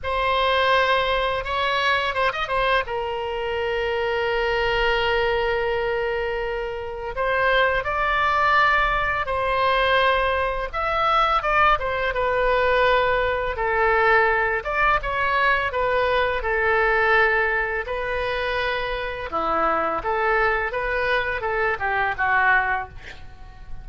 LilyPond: \new Staff \with { instrumentName = "oboe" } { \time 4/4 \tempo 4 = 84 c''2 cis''4 c''16 dis''16 c''8 | ais'1~ | ais'2 c''4 d''4~ | d''4 c''2 e''4 |
d''8 c''8 b'2 a'4~ | a'8 d''8 cis''4 b'4 a'4~ | a'4 b'2 e'4 | a'4 b'4 a'8 g'8 fis'4 | }